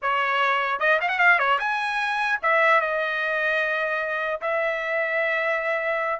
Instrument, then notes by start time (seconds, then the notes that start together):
trumpet
0.02 C#5
0.79 D#5
1.01 F5
1.08 F#5
1.18 F5
1.39 C#5
1.59 G#5
2.42 E5
2.80 D#5
4.41 E5